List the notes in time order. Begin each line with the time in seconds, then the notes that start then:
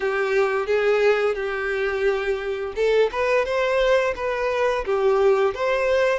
0.00 G4
0.66 G#4
1.35 G4
2.75 A4
3.12 B4
3.45 C5
4.15 B4
4.85 G4
5.54 C5